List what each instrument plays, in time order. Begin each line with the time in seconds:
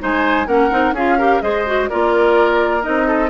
0.00 bassoon G#3, clarinet D#4, oboe C5, flute G#5
0.47 bassoon A#3, clarinet C#4, oboe A#4, flute F#5
0.71 bassoon C4, clarinet D#4
0.93 bassoon C#4, clarinet F4, oboe G#4, flute F5
1.18 clarinet G4, oboe A#4
1.42 bassoon G#3, clarinet G#4, oboe C5, flute D#5
1.66 clarinet F#4
1.89 bassoon A#3, clarinet F4, oboe A#4, flute D5
2.82 bassoon C4, clarinet D#4, flute D#5
3.08 oboe A4